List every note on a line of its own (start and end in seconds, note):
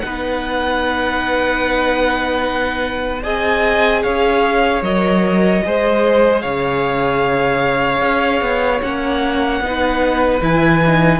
0.00 3.25 B3
0.00 3.23 D#4
0.00 3.23 B4
0.00 3.20 F#5
3.23 4.05 C4
3.23 4.83 G#4
3.23 4.03 D#5
3.23 4.03 G#5
4.03 4.82 C#4
4.03 5.63 C#5
4.03 4.83 F5
4.82 5.62 F#3
4.82 5.64 A#4
4.82 6.41 D#5
5.65 6.44 G#3
5.65 8.82 G#4
5.65 6.42 C5
6.41 8.02 C#3
6.41 9.62 C#5
6.41 8.81 F5
8.02 8.41 C#4
8.41 8.81 B3
8.82 9.61 A#3
8.82 9.62 C#4
8.82 10.42 F#5
9.61 10.41 B3
9.61 10.41 D#4
9.61 11.20 B4
10.41 11.20 E3
10.41 10.81 E4
10.41 11.20 G#5
10.87 11.20 D#4